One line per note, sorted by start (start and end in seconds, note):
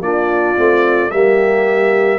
0.00 0.55 A#3
0.00 0.55 D4
0.00 1.10 F4
0.00 1.11 D5
0.55 1.11 A3
0.55 1.10 C4
1.10 2.18 G3
1.10 2.18 A#3
1.10 2.18 G4
1.10 2.18 E5